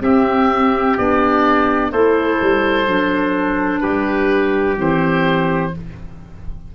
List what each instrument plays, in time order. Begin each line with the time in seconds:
0.00 clarinet C4, tuba C4, trumpet G4, oboe E5
0.97 tuba B3, clarinet D4, oboe D5
1.91 tuba A3, clarinet E4, trumpet A4, oboe C5
2.41 tuba G3
2.87 tuba F#3, clarinet D4
3.80 tuba G3, trumpet G4, oboe B4
4.76 tuba E3, clarinet C4, oboe C5